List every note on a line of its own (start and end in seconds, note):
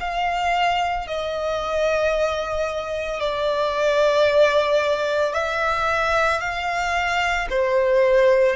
0.00 1.07 F5
1.07 3.20 D#5
3.20 5.33 D5
5.33 6.40 E5
6.40 7.47 F5
7.50 8.56 C5